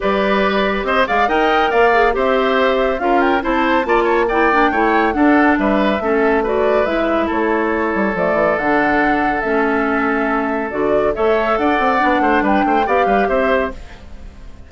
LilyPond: <<
  \new Staff \with { instrumentName = "flute" } { \time 4/4 \tempo 4 = 140 d''2 dis''8 f''8 g''4 | f''4 e''2 f''8 g''8 | a''2 g''2 | fis''4 e''2 d''4 |
e''4 cis''2 d''4 | fis''2 e''2~ | e''4 d''4 e''4 fis''4~ | fis''4 g''4 f''4 e''4 | }
  \new Staff \with { instrumentName = "oboe" } { \time 4/4 b'2 c''8 d''8 dis''4 | d''4 c''2 ais'4 | c''4 d''8 cis''8 d''4 cis''4 | a'4 b'4 a'4 b'4~ |
b'4 a'2.~ | a'1~ | a'2 cis''4 d''4~ | d''8 c''8 b'8 c''8 d''8 b'8 c''4 | }
  \new Staff \with { instrumentName = "clarinet" } { \time 4/4 g'2~ g'8 gis'8 ais'4~ | ais'8 gis'8 g'2 f'4 | e'4 f'4 e'8 d'8 e'4 | d'2 cis'4 fis'4 |
e'2. a4 | d'2 cis'2~ | cis'4 fis'4 a'2 | d'2 g'2 | }
  \new Staff \with { instrumentName = "bassoon" } { \time 4/4 g2 c'8 gis8 dis'4 | ais4 c'2 cis'4 | c'4 ais2 a4 | d'4 g4 a2 |
gis4 a4. g8 f8 e8 | d2 a2~ | a4 d4 a4 d'8 c'8 | b8 a8 g8 a8 b8 g8 c'4 | }
>>